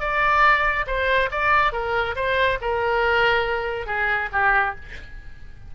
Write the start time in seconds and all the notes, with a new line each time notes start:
0.00 D5
0.87 C5
1.31 D5
1.72 A#4
2.15 C5
2.61 A#4
3.86 G#4
4.32 G4